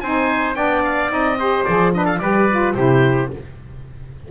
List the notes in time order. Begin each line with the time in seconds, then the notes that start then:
0.00 C4 D#4 C5 G#5
0.54 B3 D4 D5 G5
0.84 F5
1.09 C4 D#4 D#5
1.39 G4 C5
1.64 F3 G#4 D5
1.92 D4 B4 D#5
2.05 A4 F5
2.18 G3 G4 B4 D5
2.50 F4
2.74 C3 E4 G4 C5